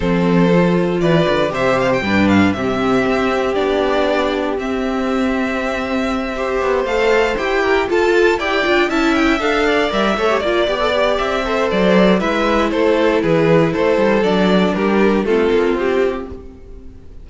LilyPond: <<
  \new Staff \with { instrumentName = "violin" } { \time 4/4 \tempo 4 = 118 c''2 d''4 e''8 f''16 g''16~ | g''8 f''8 e''2 d''4~ | d''4 e''2.~ | e''4. f''4 g''4 a''8~ |
a''8 g''4 a''8 g''8 f''4 e''8~ | e''8 d''4. e''4 d''4 | e''4 c''4 b'4 c''4 | d''4 ais'4 a'4 g'4 | }
  \new Staff \with { instrumentName = "violin" } { \time 4/4 a'2 b'4 c''4 | b'4 g'2.~ | g'1~ | g'8 c''2~ c''8 ais'8 a'8~ |
a'8 d''4 e''4. d''4 | cis''8 d''2 c''4. | b'4 a'4 gis'4 a'4~ | a'4 g'4 f'2 | }
  \new Staff \with { instrumentName = "viola" } { \time 4/4 c'4 f'2 g'4 | d'4 c'2 d'4~ | d'4 c'2.~ | c'8 g'4 a'4 g'4 f'8~ |
f'8 g'8 f'8 e'4 a'4 ais'8 | a'16 g'16 f'8 g'16 a'16 g'4 a'4. | e'1 | d'2 c'2 | }
  \new Staff \with { instrumentName = "cello" } { \time 4/4 f2 e8 d8 c4 | g,4 c4 c'4 b4~ | b4 c'2.~ | c'4 b8 a4 e'4 f'8~ |
f'8 e'8 d'8 cis'4 d'4 g8 | a8 ais8 b4 c'4 fis4 | gis4 a4 e4 a8 g8 | fis4 g4 a8 ais8 c'4 | }
>>